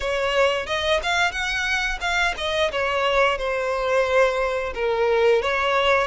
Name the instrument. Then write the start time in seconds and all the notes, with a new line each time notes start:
violin
0.00 C#5
0.66 D#5
1.02 F5
1.31 F#5
2.00 F5
2.37 D#5
2.71 C#5
3.38 C5
4.74 A#4
5.41 C#5